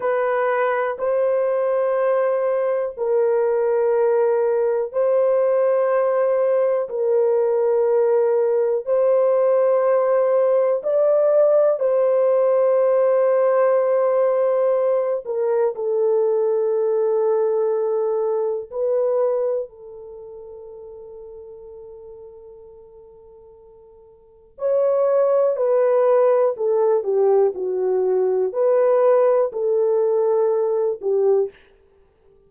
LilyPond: \new Staff \with { instrumentName = "horn" } { \time 4/4 \tempo 4 = 61 b'4 c''2 ais'4~ | ais'4 c''2 ais'4~ | ais'4 c''2 d''4 | c''2.~ c''8 ais'8 |
a'2. b'4 | a'1~ | a'4 cis''4 b'4 a'8 g'8 | fis'4 b'4 a'4. g'8 | }